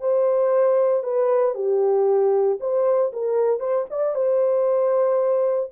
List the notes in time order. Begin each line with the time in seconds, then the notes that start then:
0.00 C5
1.03 B4
1.55 G4
2.60 C5
3.12 A#4
3.60 C5
3.90 D5
4.15 C5